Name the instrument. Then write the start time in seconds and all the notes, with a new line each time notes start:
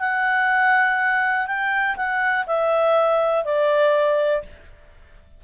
clarinet
0.00 F#5
1.48 G5
1.97 F#5
2.47 E5
3.45 D5